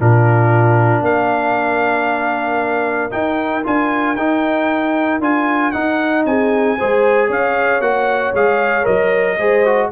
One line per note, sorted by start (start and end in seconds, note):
0.00 1.02 A#2
0.00 3.11 D4
0.00 1.04 F4
0.00 1.05 A#4
1.02 3.11 A#3
1.02 6.26 A#4
1.02 3.12 F5
3.11 3.63 D#4
3.11 3.65 D#4
3.11 3.64 G5
3.64 4.17 D4
3.64 4.16 F4
3.64 4.17 G#5
4.17 5.21 D#4
4.17 5.22 D#4
4.17 5.21 G5
5.21 5.73 D4
5.21 5.74 F4
5.21 5.72 G#5
5.72 6.78 D#4
5.72 6.26 D#4
5.72 6.24 F#5
6.26 6.78 C4
6.26 6.78 G#4
6.26 7.31 G#5
6.78 7.30 G#3
6.78 7.82 G#4
6.78 7.29 C5
7.29 7.81 C#4
7.29 9.37 C#5
7.29 7.82 F5
7.81 8.33 A#3
7.81 8.34 F#4
7.81 8.34 F#5
8.34 8.86 G#3
8.34 8.84 G#4
8.34 8.86 F5
8.84 9.38 F#3
8.84 9.36 A#4
8.84 9.91 D#5
9.38 9.91 G#3
9.38 9.66 G#4
9.38 9.91 C5
9.66 9.92 F#4